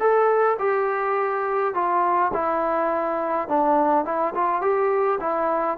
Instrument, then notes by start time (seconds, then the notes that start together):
trombone
0.00 A4
0.59 G4
1.74 F4
2.34 E4
3.49 D4
4.05 E4
4.35 F4
4.62 G4
5.21 E4